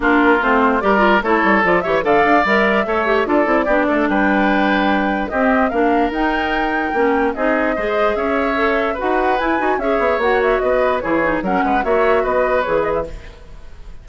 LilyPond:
<<
  \new Staff \with { instrumentName = "flute" } { \time 4/4 \tempo 4 = 147 ais'4 c''4 d''4 cis''4 | d''8 e''8 f''4 e''2 | d''2 g''2~ | g''4 dis''4 f''4 g''4~ |
g''2 dis''2 | e''2 fis''4 gis''4 | e''4 fis''8 e''8 dis''4 cis''4 | fis''4 e''4 dis''4 cis''8 dis''16 e''16 | }
  \new Staff \with { instrumentName = "oboe" } { \time 4/4 f'2 ais'4 a'4~ | a'8 cis''8 d''2 cis''4 | a'4 g'8 a'8 b'2~ | b'4 g'4 ais'2~ |
ais'2 gis'4 c''4 | cis''2 b'2 | cis''2 b'4 gis'4 | ais'8 b'8 cis''4 b'2 | }
  \new Staff \with { instrumentName = "clarinet" } { \time 4/4 d'4 c'4 g'8 f'8 e'4 | f'8 g'8 a'4 ais'4 a'8 g'8 | f'8 e'8 d'2.~ | d'4 c'4 d'4 dis'4~ |
dis'4 cis'4 dis'4 gis'4~ | gis'4 a'4 fis'4 e'8 fis'8 | gis'4 fis'2 e'8 dis'8 | cis'4 fis'2 gis'4 | }
  \new Staff \with { instrumentName = "bassoon" } { \time 4/4 ais4 a4 g4 a8 g8 | f8 e8 d8 d'8 g4 a4 | d'8 c'8 b8 a8 g2~ | g4 c'4 ais4 dis'4~ |
dis'4 ais4 c'4 gis4 | cis'2 dis'4 e'8 dis'8 | cis'8 b8 ais4 b4 e4 | fis8 gis8 ais4 b4 e4 | }
>>